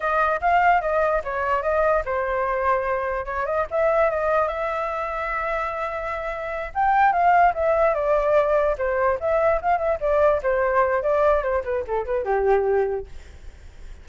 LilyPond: \new Staff \with { instrumentName = "flute" } { \time 4/4 \tempo 4 = 147 dis''4 f''4 dis''4 cis''4 | dis''4 c''2. | cis''8 dis''8 e''4 dis''4 e''4~ | e''1~ |
e''8 g''4 f''4 e''4 d''8~ | d''4. c''4 e''4 f''8 | e''8 d''4 c''4. d''4 | c''8 b'8 a'8 b'8 g'2 | }